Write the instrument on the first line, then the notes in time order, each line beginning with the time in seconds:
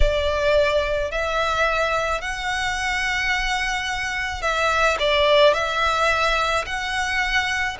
violin
0.00 D5
1.11 E5
2.21 F#5
4.41 E5
4.98 D5
5.53 E5
6.66 F#5